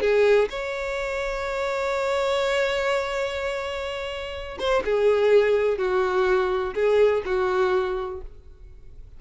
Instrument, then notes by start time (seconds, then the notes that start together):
violin
0.00 G#4
0.50 C#5
4.59 C5
4.85 G#4
5.78 F#4
6.74 G#4
7.25 F#4